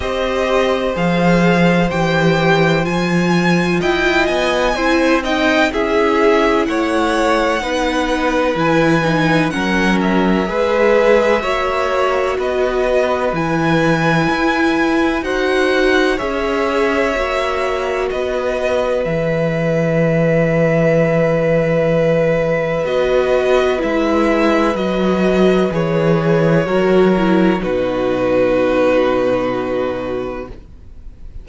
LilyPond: <<
  \new Staff \with { instrumentName = "violin" } { \time 4/4 \tempo 4 = 63 dis''4 f''4 g''4 gis''4 | g''8 gis''4 g''8 e''4 fis''4~ | fis''4 gis''4 fis''8 e''4.~ | e''4 dis''4 gis''2 |
fis''4 e''2 dis''4 | e''1 | dis''4 e''4 dis''4 cis''4~ | cis''4 b'2. | }
  \new Staff \with { instrumentName = "violin" } { \time 4/4 c''1 | dis''4 c''8 dis''8 gis'4 cis''4 | b'2 ais'4 b'4 | cis''4 b'2. |
c''4 cis''2 b'4~ | b'1~ | b'1 | ais'4 fis'2. | }
  \new Staff \with { instrumentName = "viola" } { \time 4/4 g'4 gis'4 g'4 f'4~ | f'4 e'8 dis'8 e'2 | dis'4 e'8 dis'8 cis'4 gis'4 | fis'2 e'2 |
fis'4 gis'4 fis'2 | gis'1 | fis'4 e'4 fis'4 gis'4 | fis'8 e'8 dis'2. | }
  \new Staff \with { instrumentName = "cello" } { \time 4/4 c'4 f4 e4 f4 | e'8 b8 c'4 cis'4 a4 | b4 e4 fis4 gis4 | ais4 b4 e4 e'4 |
dis'4 cis'4 ais4 b4 | e1 | b4 gis4 fis4 e4 | fis4 b,2. | }
>>